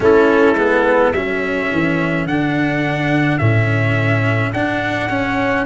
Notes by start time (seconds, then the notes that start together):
0.00 A3 C#4 E4 A4
0.53 G#3 B3
1.12 F#3 C#4 A4 E5
1.71 E3
2.25 D3 D4 F#5
3.37 A2 C#4 E5
4.53 D4 F#5
5.09 C#4